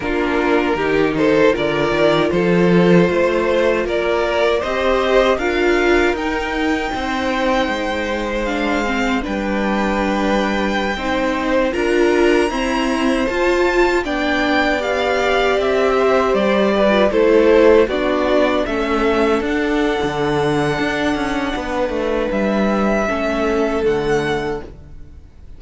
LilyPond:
<<
  \new Staff \with { instrumentName = "violin" } { \time 4/4 \tempo 4 = 78 ais'4. c''8 d''4 c''4~ | c''4 d''4 dis''4 f''4 | g''2. f''4 | g''2.~ g''16 ais''8.~ |
ais''4~ ais''16 a''4 g''4 f''8.~ | f''16 e''4 d''4 c''4 d''8.~ | d''16 e''4 fis''2~ fis''8.~ | fis''4 e''2 fis''4 | }
  \new Staff \with { instrumentName = "violin" } { \time 4/4 f'4 g'8 a'8 ais'4 a'4 | c''4 ais'4 c''4 ais'4~ | ais'4 c''2. | b'2~ b'16 c''4 ais'8.~ |
ais'16 c''2 d''4.~ d''16~ | d''8. c''4 b'8 a'4 fis'8.~ | fis'16 a'2.~ a'8. | b'2 a'2 | }
  \new Staff \with { instrumentName = "viola" } { \time 4/4 d'4 dis'4 f'2~ | f'2 g'4 f'4 | dis'2. d'8 c'8 | d'2~ d'16 dis'4 f'8.~ |
f'16 c'4 f'4 d'4 g'8.~ | g'2 f'16 e'4 d'8.~ | d'16 cis'4 d'2~ d'8.~ | d'2 cis'4 a4 | }
  \new Staff \with { instrumentName = "cello" } { \time 4/4 ais4 dis4 d8 dis8 f4 | a4 ais4 c'4 d'4 | dis'4 c'4 gis2 | g2~ g16 c'4 d'8.~ |
d'16 e'4 f'4 b4.~ b16~ | b16 c'4 g4 a4 b8.~ | b16 a4 d'8. d4 d'8 cis'8 | b8 a8 g4 a4 d4 | }
>>